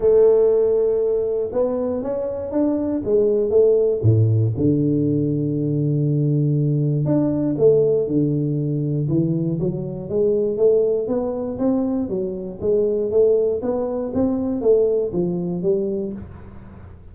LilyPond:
\new Staff \with { instrumentName = "tuba" } { \time 4/4 \tempo 4 = 119 a2. b4 | cis'4 d'4 gis4 a4 | a,4 d2.~ | d2 d'4 a4 |
d2 e4 fis4 | gis4 a4 b4 c'4 | fis4 gis4 a4 b4 | c'4 a4 f4 g4 | }